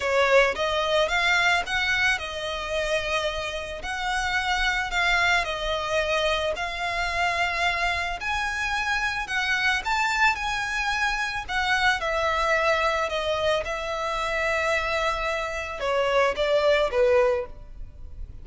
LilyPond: \new Staff \with { instrumentName = "violin" } { \time 4/4 \tempo 4 = 110 cis''4 dis''4 f''4 fis''4 | dis''2. fis''4~ | fis''4 f''4 dis''2 | f''2. gis''4~ |
gis''4 fis''4 a''4 gis''4~ | gis''4 fis''4 e''2 | dis''4 e''2.~ | e''4 cis''4 d''4 b'4 | }